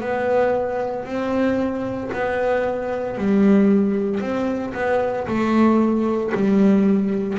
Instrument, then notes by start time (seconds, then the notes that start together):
double bass
0.00 B3
1.05 C4
2.12 B3
3.17 G3
4.20 C4
4.74 B3
5.27 A3
6.34 G3